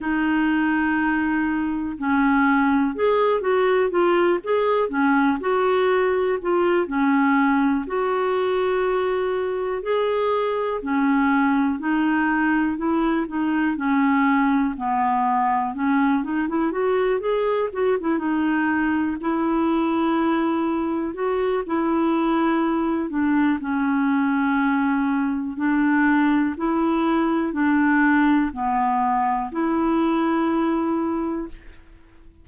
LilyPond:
\new Staff \with { instrumentName = "clarinet" } { \time 4/4 \tempo 4 = 61 dis'2 cis'4 gis'8 fis'8 | f'8 gis'8 cis'8 fis'4 f'8 cis'4 | fis'2 gis'4 cis'4 | dis'4 e'8 dis'8 cis'4 b4 |
cis'8 dis'16 e'16 fis'8 gis'8 fis'16 e'16 dis'4 e'8~ | e'4. fis'8 e'4. d'8 | cis'2 d'4 e'4 | d'4 b4 e'2 | }